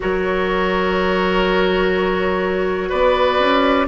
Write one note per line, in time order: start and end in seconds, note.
0.00 2.92 F#3
0.00 3.87 F#4
0.00 2.89 A#4
0.00 2.90 C#5
2.89 3.39 B3
2.89 3.86 B4
2.89 3.87 D5
3.39 3.87 C#4